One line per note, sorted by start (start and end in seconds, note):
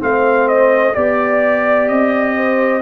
0.00 0.96 A3
0.00 0.94 C4
0.00 0.95 C5
0.00 0.49 F5
0.49 0.95 D#5
0.94 1.89 B3
0.94 2.82 G4
0.94 1.89 D5
0.94 2.36 D5
1.89 2.83 C4
1.89 2.83 D#5
2.37 2.83 C5